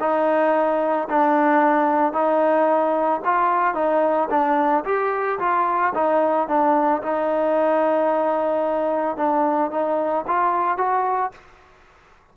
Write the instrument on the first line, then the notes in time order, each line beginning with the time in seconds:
trombone
0.00 D#4
1.09 D4
2.13 D#4
3.25 F4
3.75 D#4
4.30 D4
4.85 G4
5.39 F4
5.94 D#4
6.48 D4
7.02 D#4
9.17 D4
9.71 D#4
10.27 F4
10.77 F#4